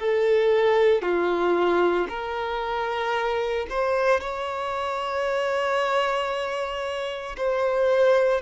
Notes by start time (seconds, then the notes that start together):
0.00 A4
1.02 F4
2.09 A#4
3.70 C5
4.21 C#5
7.37 C5